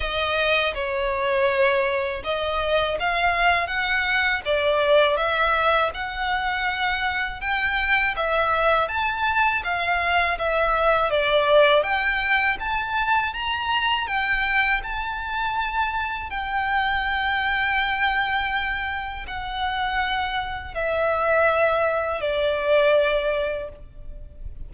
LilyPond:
\new Staff \with { instrumentName = "violin" } { \time 4/4 \tempo 4 = 81 dis''4 cis''2 dis''4 | f''4 fis''4 d''4 e''4 | fis''2 g''4 e''4 | a''4 f''4 e''4 d''4 |
g''4 a''4 ais''4 g''4 | a''2 g''2~ | g''2 fis''2 | e''2 d''2 | }